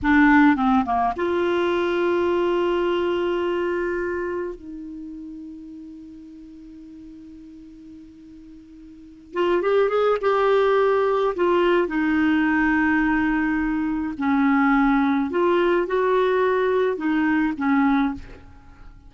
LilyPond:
\new Staff \with { instrumentName = "clarinet" } { \time 4/4 \tempo 4 = 106 d'4 c'8 ais8 f'2~ | f'1 | dis'1~ | dis'1~ |
dis'8 f'8 g'8 gis'8 g'2 | f'4 dis'2.~ | dis'4 cis'2 f'4 | fis'2 dis'4 cis'4 | }